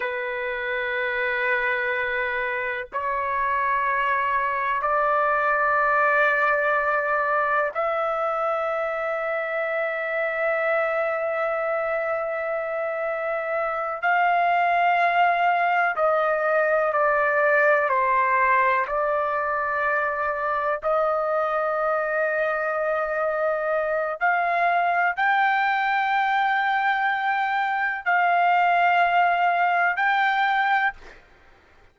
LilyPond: \new Staff \with { instrumentName = "trumpet" } { \time 4/4 \tempo 4 = 62 b'2. cis''4~ | cis''4 d''2. | e''1~ | e''2~ e''8 f''4.~ |
f''8 dis''4 d''4 c''4 d''8~ | d''4. dis''2~ dis''8~ | dis''4 f''4 g''2~ | g''4 f''2 g''4 | }